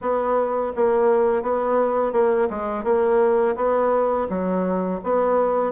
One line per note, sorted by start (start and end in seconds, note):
0.01 0.72 B3
0.75 1.42 A#3
1.42 2.12 B3
2.12 2.48 A#3
2.50 2.84 G#3
2.84 3.55 A#3
3.56 4.27 B3
4.29 5.00 F#3
5.03 5.72 B3